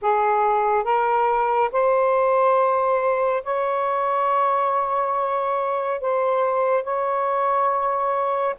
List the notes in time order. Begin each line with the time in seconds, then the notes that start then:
0.01 G#4
0.84 A#4
1.71 C5
3.43 C#5
6.00 C5
6.83 C#5